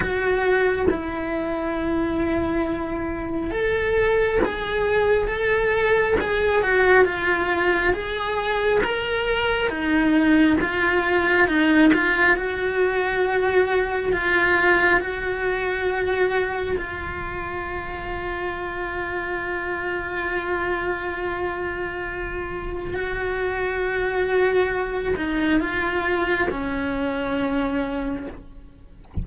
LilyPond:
\new Staff \with { instrumentName = "cello" } { \time 4/4 \tempo 4 = 68 fis'4 e'2. | a'4 gis'4 a'4 gis'8 fis'8 | f'4 gis'4 ais'4 dis'4 | f'4 dis'8 f'8 fis'2 |
f'4 fis'2 f'4~ | f'1~ | f'2 fis'2~ | fis'8 dis'8 f'4 cis'2 | }